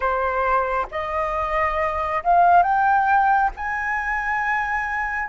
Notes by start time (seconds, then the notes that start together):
0.00 C5
0.91 D#5
2.23 F5
2.62 G5
3.56 G#5